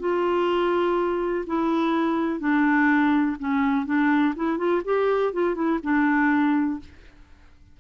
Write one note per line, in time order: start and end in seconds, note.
0.00 1.45 F4
1.47 2.40 E4
2.40 3.37 D4
3.40 3.86 C#4
3.86 4.34 D4
4.36 4.58 E4
4.58 4.82 F4
4.85 5.33 G4
5.33 5.55 F4
5.55 5.80 E4
5.83 6.80 D4